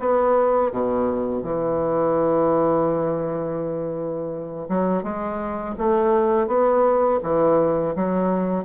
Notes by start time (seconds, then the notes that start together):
0.00 B3
0.72 B2
1.43 E3
4.69 F#3
5.03 G#3
5.78 A3
6.47 B3
7.23 E3
7.96 F#3